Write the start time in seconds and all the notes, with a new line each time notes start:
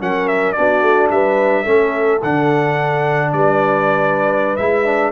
0.00 F#3 C#4 A#4 F#5
0.28 E5
0.52 D4 D5
0.58 B3 F#4
0.82 A3
1.10 G3 B4 E5
1.63 A3 C#4 A4
2.22 D3 D4 F#5
3.32 G3 B4 D5
4.56 G#3 E4 E5
4.85 D4